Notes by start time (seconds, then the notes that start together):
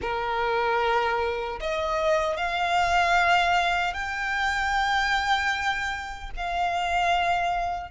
0.01 A#4
1.60 D#5
2.36 F5
3.93 G5
6.36 F5